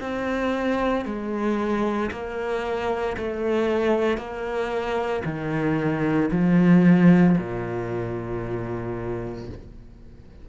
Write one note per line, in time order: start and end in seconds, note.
0.00 1.05 C4
1.05 2.11 G#3
2.11 3.17 A#3
3.17 4.18 A3
4.18 5.23 A#3
5.25 6.30 D#3
6.31 7.36 F3
7.38 9.49 A#2